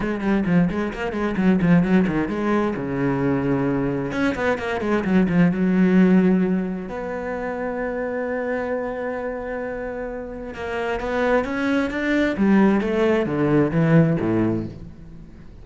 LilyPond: \new Staff \with { instrumentName = "cello" } { \time 4/4 \tempo 4 = 131 gis8 g8 f8 gis8 ais8 gis8 fis8 f8 | fis8 dis8 gis4 cis2~ | cis4 cis'8 b8 ais8 gis8 fis8 f8 | fis2. b4~ |
b1~ | b2. ais4 | b4 cis'4 d'4 g4 | a4 d4 e4 a,4 | }